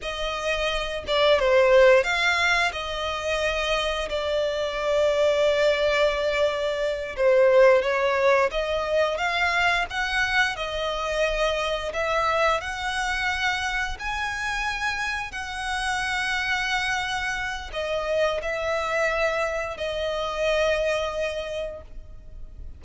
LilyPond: \new Staff \with { instrumentName = "violin" } { \time 4/4 \tempo 4 = 88 dis''4. d''8 c''4 f''4 | dis''2 d''2~ | d''2~ d''8 c''4 cis''8~ | cis''8 dis''4 f''4 fis''4 dis''8~ |
dis''4. e''4 fis''4.~ | fis''8 gis''2 fis''4.~ | fis''2 dis''4 e''4~ | e''4 dis''2. | }